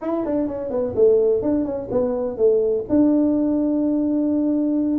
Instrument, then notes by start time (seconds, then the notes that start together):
tuba
0.01 E4
0.25 D4
0.47 C#4
0.70 B3
0.95 A3
1.42 D4
1.64 C#4
1.91 B3
2.37 A3
2.89 D4